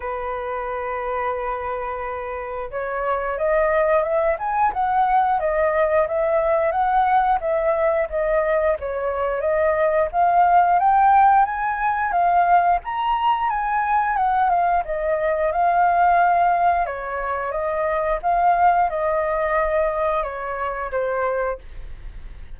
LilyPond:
\new Staff \with { instrumentName = "flute" } { \time 4/4 \tempo 4 = 89 b'1 | cis''4 dis''4 e''8 gis''8 fis''4 | dis''4 e''4 fis''4 e''4 | dis''4 cis''4 dis''4 f''4 |
g''4 gis''4 f''4 ais''4 | gis''4 fis''8 f''8 dis''4 f''4~ | f''4 cis''4 dis''4 f''4 | dis''2 cis''4 c''4 | }